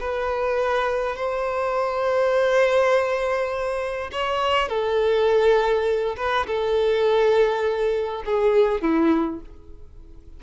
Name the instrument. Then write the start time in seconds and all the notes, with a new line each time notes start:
violin
0.00 B4
1.16 C5
4.12 C#5
4.69 A4
6.17 B4
6.47 A4
8.26 G#4
8.82 E4